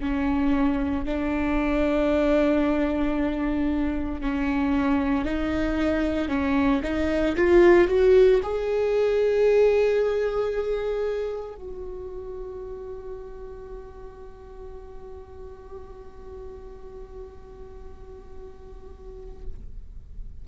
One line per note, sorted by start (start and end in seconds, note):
0.00 1.05 C#4
1.05 4.21 D4
4.21 5.25 C#4
5.25 6.28 D#4
6.28 6.81 C#4
6.83 7.35 D#4
7.36 7.88 F4
7.88 8.41 F#4
8.43 11.56 G#4
11.56 19.45 F#4